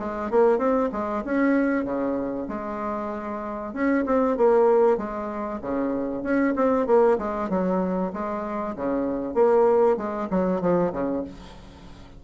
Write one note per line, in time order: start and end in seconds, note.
0.00 0.31 G#3
0.31 0.59 A#3
0.59 0.90 C4
0.93 1.24 G#3
1.25 1.85 C#4
1.85 2.47 C#3
2.49 3.74 G#3
3.74 4.05 C#4
4.06 4.38 C4
4.38 4.98 A#3
4.98 5.61 G#3
5.62 6.24 C#3
6.24 6.55 C#4
6.56 6.87 C4
6.87 7.18 A#3
7.19 7.50 G#3
7.50 8.12 F#3
8.13 8.76 G#3
8.76 9.35 C#3
9.35 9.97 A#3
9.97 10.28 G#3
10.30 10.61 F#3
10.61 10.93 F3
10.93 11.24 C#3